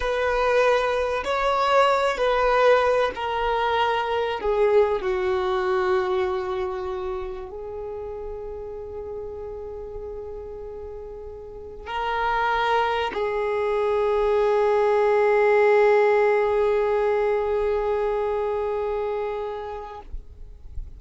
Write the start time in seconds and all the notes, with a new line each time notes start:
0.00 B4
1.24 C#5
2.17 B4
3.15 A#4
4.40 G#4
5.01 F#4
7.50 G#4
11.86 A#4
13.13 G#4